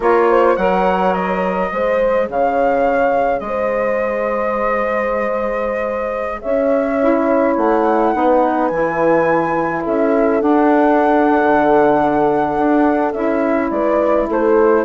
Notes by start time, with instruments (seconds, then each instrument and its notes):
0.00 bassoon A#3, saxophone F4, horn A#4, flute C#5
0.29 horn C5
0.56 bassoon F#3, saxophone A#4, horn C#5, flute F#5
1.13 flute D#5
1.72 bassoon G#3, saxophone G#4, horn C5
2.29 bassoon C#3, horn C#5, flute F5
3.39 bassoon G#3, flute D#5
3.47 horn C5
6.41 bassoon C#4, horn C#5, flute E5
7.00 saxophone E4
7.56 bassoon A3, flute F#5
8.13 bassoon B3, saxophone D#4, horn B4
8.68 bassoon E3, saxophone E4, flute G#5
9.83 bassoon C#4, horn A4, flute E5
10.40 saxophone D4, bassoon D4, flute F#5
11.43 bassoon D3
12.57 bassoon D4
13.12 bassoon C#4, saxophone E4, flute E5
13.70 bassoon G#3, horn B4, flute D5
14.27 bassoon A3, horn A4, flute C5